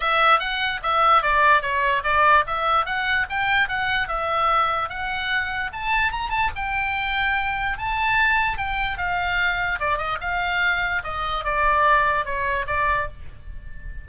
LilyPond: \new Staff \with { instrumentName = "oboe" } { \time 4/4 \tempo 4 = 147 e''4 fis''4 e''4 d''4 | cis''4 d''4 e''4 fis''4 | g''4 fis''4 e''2 | fis''2 a''4 ais''8 a''8 |
g''2. a''4~ | a''4 g''4 f''2 | d''8 dis''8 f''2 dis''4 | d''2 cis''4 d''4 | }